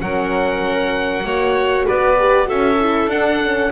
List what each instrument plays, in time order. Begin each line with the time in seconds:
0.00 double bass F#3, horn C#4, violin A#4, oboe F#5
1.23 double bass A#3, horn F#4, violin C#5
1.85 double bass B3, violin B4, oboe D5
2.18 horn G4
2.45 double bass C#4, horn F#4, violin A4, oboe E5
2.79 horn E4
3.07 double bass D4, horn D4, oboe F#5
3.42 horn C#4